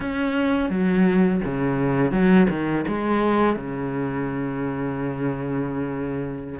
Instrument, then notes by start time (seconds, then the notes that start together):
cello
0.00 C#4
0.69 F#3
1.44 C#3
2.11 F#3
2.49 D#3
2.87 G#3
3.56 C#3